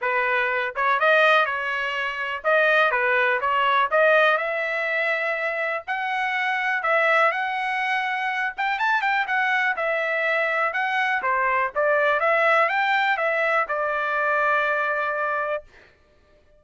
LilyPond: \new Staff \with { instrumentName = "trumpet" } { \time 4/4 \tempo 4 = 123 b'4. cis''8 dis''4 cis''4~ | cis''4 dis''4 b'4 cis''4 | dis''4 e''2. | fis''2 e''4 fis''4~ |
fis''4. g''8 a''8 g''8 fis''4 | e''2 fis''4 c''4 | d''4 e''4 g''4 e''4 | d''1 | }